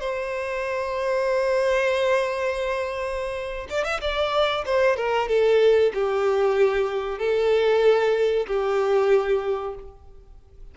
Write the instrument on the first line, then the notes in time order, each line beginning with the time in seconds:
violin
0.00 C5
3.69 D5
3.84 E5
4.01 D5
4.66 C5
4.96 A#4
5.28 A4
5.94 G4
7.19 A4
8.47 G4